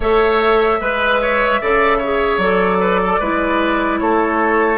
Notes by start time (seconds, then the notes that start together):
0.00 A3 A4 C#5 E5
0.80 G#3 B4
1.21 C#5
1.60 C#3 A4 D5
1.98 G#4 C#5
2.37 F#3 A4 D5
2.80 B4
3.04 A4
3.19 G#3 E4 B4
3.99 A3 A4 C#5